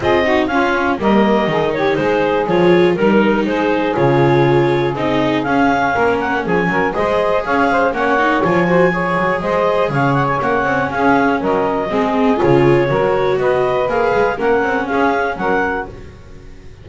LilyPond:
<<
  \new Staff \with { instrumentName = "clarinet" } { \time 4/4 \tempo 4 = 121 dis''4 f''4 dis''4. cis''8 | c''4 cis''4 ais'4 c''4 | cis''2 dis''4 f''4~ | f''8 fis''8 gis''4 dis''4 f''4 |
fis''4 gis''2 dis''4 | f''8 fis''16 gis''16 fis''4 f''4 dis''4~ | dis''4 cis''2 dis''4 | f''4 fis''4 f''4 fis''4 | }
  \new Staff \with { instrumentName = "saxophone" } { \time 4/4 gis'8 fis'8 f'4 ais'4 gis'8 g'8 | gis'2 ais'4 gis'4~ | gis'1 | ais'4 gis'8 ais'8 c''4 cis''8 c''8 |
cis''4. c''8 cis''4 c''4 | cis''2 gis'4 ais'4 | gis'2 ais'4 b'4~ | b'4 ais'4 gis'4 ais'4 | }
  \new Staff \with { instrumentName = "viola" } { \time 4/4 f'8 dis'8 cis'4 ais4 dis'4~ | dis'4 f'4 dis'2 | f'2 dis'4 cis'4~ | cis'2 gis'2 |
cis'8 dis'8 f'8 fis'8 gis'2~ | gis'4 cis'2. | c'4 f'4 fis'2 | gis'4 cis'2. | }
  \new Staff \with { instrumentName = "double bass" } { \time 4/4 c'4 cis'4 g4 dis4 | gis4 f4 g4 gis4 | cis2 c'4 cis'4 | ais4 f8 fis8 gis4 cis'4 |
ais4 f4. fis8 gis4 | cis4 ais8 c'8 cis'4 fis4 | gis4 cis4 fis4 b4 | ais8 gis8 ais8 c'8 cis'4 fis4 | }
>>